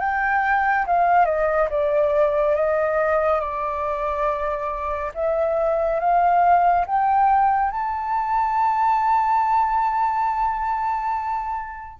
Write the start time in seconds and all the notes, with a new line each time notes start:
0.00 G5
0.87 F5
1.25 D#5
1.70 D5
2.56 D#5
3.41 D5
5.14 E5
6.00 F5
6.86 G5
7.71 A5